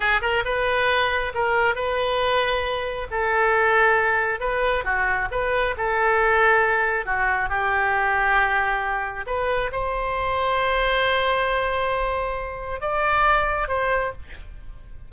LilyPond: \new Staff \with { instrumentName = "oboe" } { \time 4/4 \tempo 4 = 136 gis'8 ais'8 b'2 ais'4 | b'2. a'4~ | a'2 b'4 fis'4 | b'4 a'2. |
fis'4 g'2.~ | g'4 b'4 c''2~ | c''1~ | c''4 d''2 c''4 | }